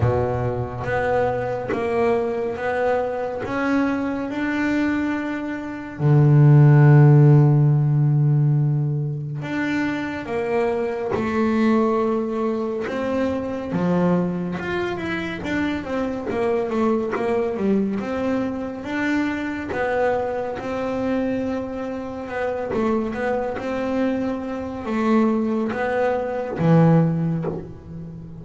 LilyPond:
\new Staff \with { instrumentName = "double bass" } { \time 4/4 \tempo 4 = 70 b,4 b4 ais4 b4 | cis'4 d'2 d4~ | d2. d'4 | ais4 a2 c'4 |
f4 f'8 e'8 d'8 c'8 ais8 a8 | ais8 g8 c'4 d'4 b4 | c'2 b8 a8 b8 c'8~ | c'4 a4 b4 e4 | }